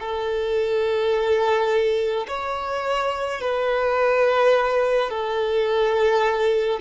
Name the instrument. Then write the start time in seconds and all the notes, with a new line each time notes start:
violin
0.00 A4
2.27 C#5
3.41 B4
5.10 A4